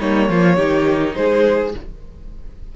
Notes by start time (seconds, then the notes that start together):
0.00 G3 A#3 D#4 C#5
0.29 F3 F4
0.56 D#3 D#4 G4
1.15 G#3 G#4 C5